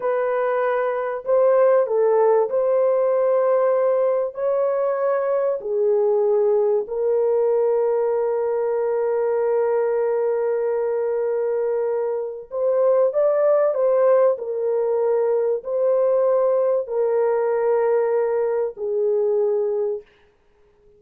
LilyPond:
\new Staff \with { instrumentName = "horn" } { \time 4/4 \tempo 4 = 96 b'2 c''4 a'4 | c''2. cis''4~ | cis''4 gis'2 ais'4~ | ais'1~ |
ais'1 | c''4 d''4 c''4 ais'4~ | ais'4 c''2 ais'4~ | ais'2 gis'2 | }